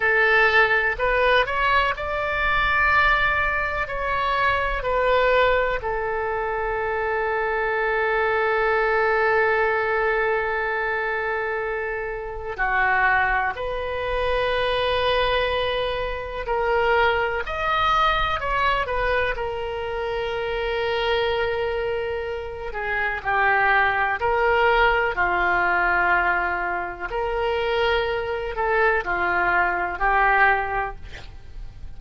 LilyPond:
\new Staff \with { instrumentName = "oboe" } { \time 4/4 \tempo 4 = 62 a'4 b'8 cis''8 d''2 | cis''4 b'4 a'2~ | a'1~ | a'4 fis'4 b'2~ |
b'4 ais'4 dis''4 cis''8 b'8 | ais'2.~ ais'8 gis'8 | g'4 ais'4 f'2 | ais'4. a'8 f'4 g'4 | }